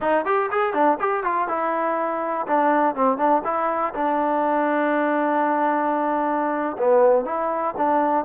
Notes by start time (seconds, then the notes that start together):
0.00 D#4
0.25 G4
0.51 G#4
0.73 D4
0.99 G4
1.23 F4
1.48 E4
2.47 D4
2.95 C4
3.17 D4
3.44 E4
3.94 D4
6.78 B3
7.25 E4
7.77 D4